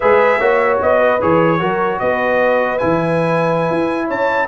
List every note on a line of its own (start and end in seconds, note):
0.00 0.40 G#3
0.00 0.40 G#4
0.00 0.39 B4
0.00 0.79 E5
0.39 0.80 A#3
0.39 1.20 F#4
0.39 0.99 C#5
0.81 1.21 B3
0.81 1.21 D#5
0.99 1.59 B4
1.21 1.60 E3
1.21 1.59 G#4
1.21 1.99 C#5
1.59 2.00 F#3
1.59 2.79 F#4
1.59 2.00 A#4
1.99 2.81 B3
1.99 4.07 B4
1.99 2.78 D#5
2.78 3.70 E3
2.78 4.48 E4
2.78 4.08 G#5
3.70 4.10 E4
4.07 4.48 C#4
4.07 4.47 C#5
4.07 4.48 A5